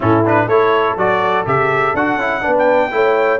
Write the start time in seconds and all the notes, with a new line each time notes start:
0.00 A2 C#4 E4 A4
0.25 D4 B4
0.46 A3 E4 A4 C#5
0.96 F#3 F#4 D5
1.45 C#3 G4 E5
1.93 D4 F#4 F#5
2.16 C#4 E4
2.41 B3 D4 B4
2.58 G5
2.91 A3 E4 C#5